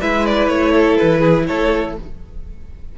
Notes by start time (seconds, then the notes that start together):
0.00 G#3 E4 B4 E5
0.26 D5
0.47 A3 C#5
0.72 A4
0.97 E3 B4
1.19 G#4
1.46 A3 A4 C#5